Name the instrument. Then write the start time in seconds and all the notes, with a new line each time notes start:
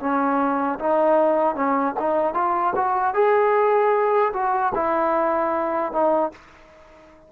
trombone
0.00 C#4
0.79 D#4
1.55 C#4
1.99 D#4
2.34 F4
2.76 F#4
3.14 G#4
4.33 F#4
4.75 E4
5.92 D#4